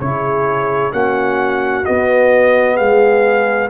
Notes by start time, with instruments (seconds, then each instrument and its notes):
0.00 tuba C#3, trombone E4, horn G#4, trumpet C#5
0.92 tuba A#3, trombone C#4, horn F#4, trumpet F#5
1.85 trombone B3, tuba B3, trumpet D#5
2.76 tuba G#3, horn G#4, trumpet F5